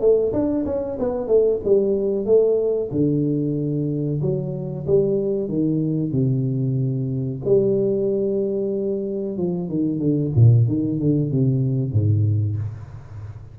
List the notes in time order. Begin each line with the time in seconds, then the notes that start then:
0.00 A3
0.33 D4
0.65 C#4
0.99 B3
1.27 A3
1.64 G3
2.25 A3
2.91 D3
4.21 F#3
4.86 G3
5.49 D#3
6.11 C3
7.45 G3
9.37 F3
9.69 D#3
9.99 D3
10.35 A#2
10.67 D#3
10.99 D3
11.31 C3
11.92 G#2